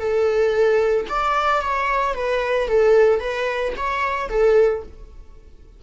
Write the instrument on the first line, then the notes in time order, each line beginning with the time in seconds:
viola
0.00 A4
1.10 D5
1.62 C#5
2.15 B4
2.68 A4
3.20 B4
3.77 C#5
4.30 A4